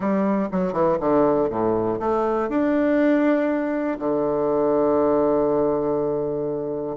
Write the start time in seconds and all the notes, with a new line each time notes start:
0.00 G3
0.51 F#3
0.73 E3
1.00 D3
1.49 A2
1.99 A3
2.49 D4
3.99 D3